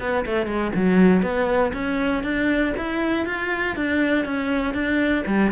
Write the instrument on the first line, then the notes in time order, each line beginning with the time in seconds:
cello
0.00 B3
0.26 A3
0.46 G#3
0.75 F#3
1.22 B3
1.73 C#4
2.23 D4
2.77 E4
3.26 F4
3.76 D4
4.25 C#4
4.74 D4
5.27 G3